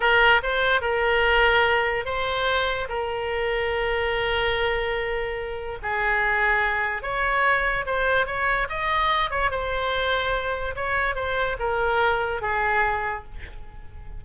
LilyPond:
\new Staff \with { instrumentName = "oboe" } { \time 4/4 \tempo 4 = 145 ais'4 c''4 ais'2~ | ais'4 c''2 ais'4~ | ais'1~ | ais'2 gis'2~ |
gis'4 cis''2 c''4 | cis''4 dis''4. cis''8 c''4~ | c''2 cis''4 c''4 | ais'2 gis'2 | }